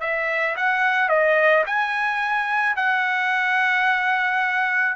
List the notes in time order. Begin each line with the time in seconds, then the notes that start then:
0.00 E5
0.56 F#5
1.08 D#5
1.66 G#5
2.76 F#5